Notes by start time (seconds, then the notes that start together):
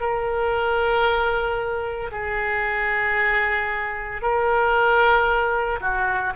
0.00 A#4
2.11 G#4
4.22 A#4
5.81 F#4